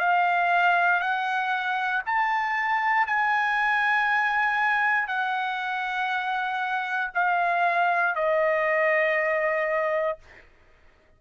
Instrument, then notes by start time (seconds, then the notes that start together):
trumpet
0.00 F5
1.00 F#5
2.06 A5
3.07 G#5
5.08 F#5
7.15 F5
8.15 D#5